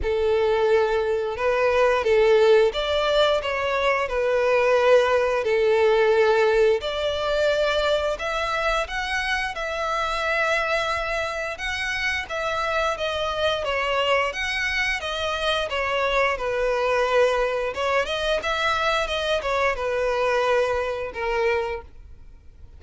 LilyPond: \new Staff \with { instrumentName = "violin" } { \time 4/4 \tempo 4 = 88 a'2 b'4 a'4 | d''4 cis''4 b'2 | a'2 d''2 | e''4 fis''4 e''2~ |
e''4 fis''4 e''4 dis''4 | cis''4 fis''4 dis''4 cis''4 | b'2 cis''8 dis''8 e''4 | dis''8 cis''8 b'2 ais'4 | }